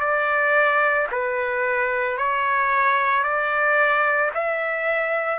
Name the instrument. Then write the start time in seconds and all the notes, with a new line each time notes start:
trumpet
0.00 D5
1.11 B4
2.17 C#5
3.23 D5
4.34 E5